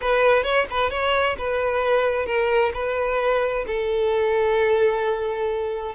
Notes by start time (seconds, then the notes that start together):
0.01 B4
0.43 C#5
0.70 B4
0.90 C#5
1.38 B4
2.26 A#4
2.73 B4
3.66 A4